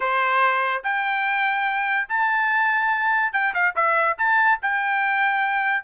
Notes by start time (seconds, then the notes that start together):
0.00 C5
0.83 G5
2.09 A5
3.32 G5
3.54 F5
3.75 E5
4.18 A5
4.62 G5